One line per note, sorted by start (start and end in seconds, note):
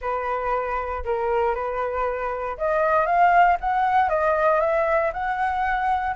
0.01 1.03 B4
1.04 1.54 A#4
1.54 2.57 B4
2.57 3.05 D#5
3.05 3.57 F5
3.60 4.09 F#5
4.09 4.60 D#5
4.60 5.11 E5
5.13 6.15 F#5